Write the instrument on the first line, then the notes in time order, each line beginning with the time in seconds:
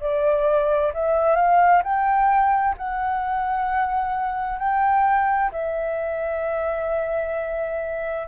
flute
0.00 D5
0.94 E5
1.36 F5
1.83 G5
2.77 F#5
4.59 G5
5.52 E5